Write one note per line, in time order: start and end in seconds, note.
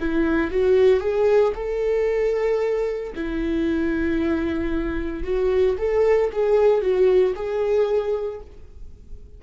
0.00 0.51 E4
0.51 1.00 F#4
1.00 1.53 G#4
1.56 3.13 A4
3.15 5.24 E4
5.24 5.77 F#4
5.78 6.31 A4
6.33 6.82 G#4
6.82 7.34 F#4
7.35 8.41 G#4